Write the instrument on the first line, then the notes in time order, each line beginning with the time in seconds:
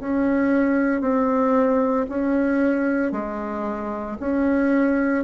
bassoon
0.00 C#4
1.01 C4
2.09 C#4
3.12 G#3
4.20 C#4